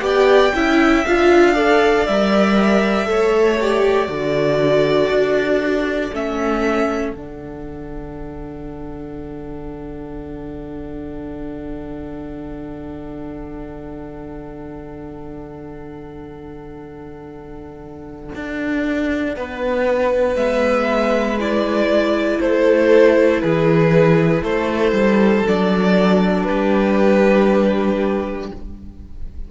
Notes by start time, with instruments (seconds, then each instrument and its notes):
0.00 cello B3, viola G4, violin D5 G5
0.55 cello C#4, viola E4, violin E5
1.05 cello D4, viola F4, violin F5
1.54 viola A4, violin D5
2.07 cello G3, viola A#4, violin E5
3.05 cello A3, viola A4, violin C#5
3.60 viola G4, violin D5
4.07 cello D3, viola F#4, violin A4
5.10 cello D4
6.12 cello A3, viola C#4, violin E5
7.12 cello D3, viola D4, violin F#5
18.35 cello D4
19.36 cello B3, violin B4
20.35 cello G#3, viola B3, violin E5
21.39 viola E4, violin D5
22.40 cello A3, violin A4 C5
23.40 cello E3, violin G#4 B4
24.42 cello A3, violin A4 C5
24.92 cello G3
25.46 cello F#3, viola D4, violin D5
26.44 cello G3, violin G4 B4